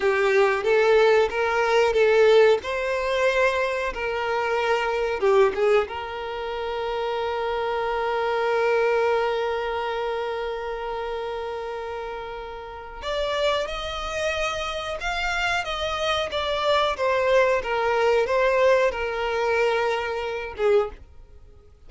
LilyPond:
\new Staff \with { instrumentName = "violin" } { \time 4/4 \tempo 4 = 92 g'4 a'4 ais'4 a'4 | c''2 ais'2 | g'8 gis'8 ais'2.~ | ais'1~ |
ais'1 | d''4 dis''2 f''4 | dis''4 d''4 c''4 ais'4 | c''4 ais'2~ ais'8 gis'8 | }